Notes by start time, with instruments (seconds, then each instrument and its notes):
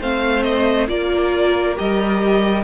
0.00 cello A3, viola C4, violin C5 F5
0.43 violin D#5
0.88 cello A#3, viola F4, violin A#4 D5
1.76 cello G3, viola G4, violin D#5